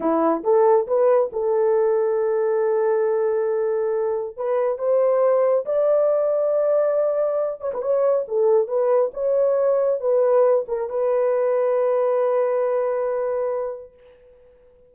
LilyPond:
\new Staff \with { instrumentName = "horn" } { \time 4/4 \tempo 4 = 138 e'4 a'4 b'4 a'4~ | a'1~ | a'2 b'4 c''4~ | c''4 d''2.~ |
d''4. cis''16 b'16 cis''4 a'4 | b'4 cis''2 b'4~ | b'8 ais'8 b'2.~ | b'1 | }